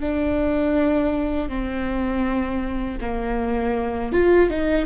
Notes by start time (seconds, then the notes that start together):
0.00 D4
1.49 C4
3.01 A#3
4.12 F4
4.50 D#4